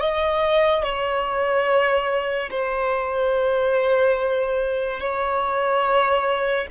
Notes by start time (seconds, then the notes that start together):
0.00 D#5
0.83 C#5
2.50 C5
5.00 C#5